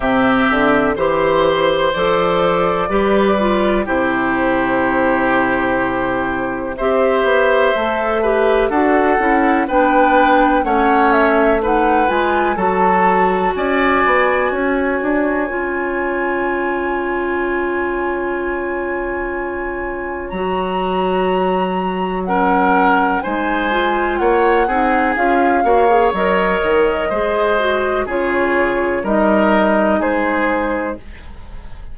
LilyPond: <<
  \new Staff \with { instrumentName = "flute" } { \time 4/4 \tempo 4 = 62 e''4 c''4 d''2 | c''2. e''4~ | e''4 fis''4 g''4 fis''8 e''8 | fis''8 gis''8 a''4 gis''2~ |
gis''1~ | gis''4 ais''2 fis''4 | gis''4 fis''4 f''4 dis''4~ | dis''4 cis''4 dis''4 c''4 | }
  \new Staff \with { instrumentName = "oboe" } { \time 4/4 g'4 c''2 b'4 | g'2. c''4~ | c''8 b'8 a'4 b'4 cis''4 | b'4 a'4 d''4 cis''4~ |
cis''1~ | cis''2. ais'4 | c''4 cis''8 gis'4 cis''4. | c''4 gis'4 ais'4 gis'4 | }
  \new Staff \with { instrumentName = "clarinet" } { \time 4/4 c'4 g'4 a'4 g'8 f'8 | e'2. g'4 | a'8 g'8 fis'8 e'8 d'4 cis'4 | dis'8 f'8 fis'2. |
f'1~ | f'4 fis'2 cis'4 | dis'8 f'4 dis'8 f'8 fis'16 gis'16 ais'4 | gis'8 fis'8 f'4 dis'2 | }
  \new Staff \with { instrumentName = "bassoon" } { \time 4/4 c8 d8 e4 f4 g4 | c2. c'8 b8 | a4 d'8 cis'8 b4 a4~ | a8 gis8 fis4 cis'8 b8 cis'8 d'8 |
cis'1~ | cis'4 fis2. | gis4 ais8 c'8 cis'8 ais8 fis8 dis8 | gis4 cis4 g4 gis4 | }
>>